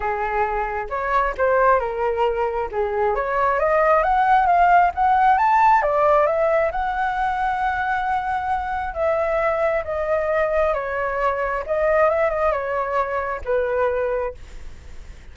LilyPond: \new Staff \with { instrumentName = "flute" } { \time 4/4 \tempo 4 = 134 gis'2 cis''4 c''4 | ais'2 gis'4 cis''4 | dis''4 fis''4 f''4 fis''4 | a''4 d''4 e''4 fis''4~ |
fis''1 | e''2 dis''2 | cis''2 dis''4 e''8 dis''8 | cis''2 b'2 | }